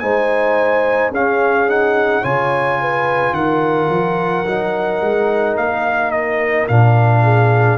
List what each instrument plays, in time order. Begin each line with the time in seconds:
0.00 tuba G#3, trombone D#4, horn C5, trumpet G#5
1.11 tuba C#4, trombone C#4, horn G#4, trumpet F5
1.69 trombone D#4, trumpet F#5
2.22 tuba C#3, trombone F4, horn C#5, trumpet G#5
2.81 horn B4
3.32 tuba D#3, horn A#4, trumpet F#5
3.90 tuba F3
4.46 tuba F#3, trombone D#4
5.01 tuba G#3
5.56 tuba A#3, trumpet F5
6.11 trumpet D#5
6.68 tuba A#2, trombone D4, trumpet F5
7.23 horn G#4